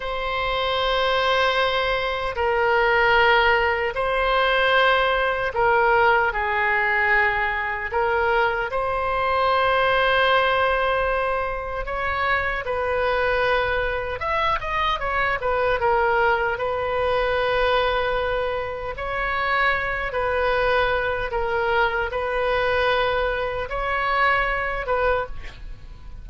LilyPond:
\new Staff \with { instrumentName = "oboe" } { \time 4/4 \tempo 4 = 76 c''2. ais'4~ | ais'4 c''2 ais'4 | gis'2 ais'4 c''4~ | c''2. cis''4 |
b'2 e''8 dis''8 cis''8 b'8 | ais'4 b'2. | cis''4. b'4. ais'4 | b'2 cis''4. b'8 | }